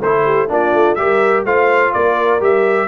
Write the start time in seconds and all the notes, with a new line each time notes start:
0.00 A3 E4 A4 C5
0.25 G4
0.48 A#3 D4 F4 D5
0.73 A3
0.95 G3 G4 A#4 E5
1.45 A3 F4 C5 F5
1.93 A#3 A#4 D5
2.40 G3 G4 E5